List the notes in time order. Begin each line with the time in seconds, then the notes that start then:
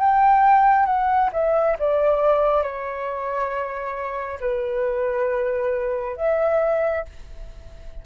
0.00 G5
0.86 F#5
1.33 E5
1.79 D5
2.63 C#5
4.40 B4
6.17 E5